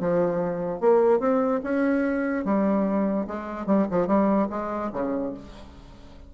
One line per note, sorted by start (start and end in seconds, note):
0.00 0.80 F3
0.80 1.20 A#3
1.20 1.61 C4
1.64 2.45 C#4
2.45 3.27 G3
3.27 3.66 G#3
3.66 3.87 G3
3.91 4.07 F3
4.07 4.48 G3
4.50 4.91 G#3
4.93 5.34 C#3